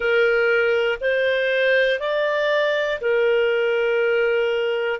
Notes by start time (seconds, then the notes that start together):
0.00 A#4
1.00 C5
2.00 D5
3.00 A#4